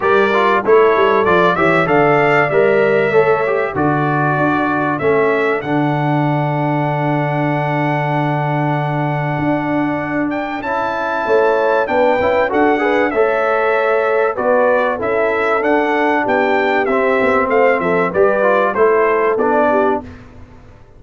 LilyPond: <<
  \new Staff \with { instrumentName = "trumpet" } { \time 4/4 \tempo 4 = 96 d''4 cis''4 d''8 e''8 f''4 | e''2 d''2 | e''4 fis''2.~ | fis''1~ |
fis''8 g''8 a''2 g''4 | fis''4 e''2 d''4 | e''4 fis''4 g''4 e''4 | f''8 e''8 d''4 c''4 d''4 | }
  \new Staff \with { instrumentName = "horn" } { \time 4/4 ais'4 a'4. cis''8 d''4~ | d''4 cis''4 a'2~ | a'1~ | a'1~ |
a'2 cis''4 b'4 | a'8 b'8 cis''2 b'4 | a'2 g'2 | c''8 a'8 b'4 a'4. g'8 | }
  \new Staff \with { instrumentName = "trombone" } { \time 4/4 g'8 f'8 e'4 f'8 g'8 a'4 | ais'4 a'8 g'8 fis'2 | cis'4 d'2.~ | d'1~ |
d'4 e'2 d'8 e'8 | fis'8 gis'8 a'2 fis'4 | e'4 d'2 c'4~ | c'4 g'8 f'8 e'4 d'4 | }
  \new Staff \with { instrumentName = "tuba" } { \time 4/4 g4 a8 g8 f8 e8 d4 | g4 a4 d4 d'4 | a4 d2.~ | d2. d'4~ |
d'4 cis'4 a4 b8 cis'8 | d'4 a2 b4 | cis'4 d'4 b4 c'8 b8 | a8 f8 g4 a4 b4 | }
>>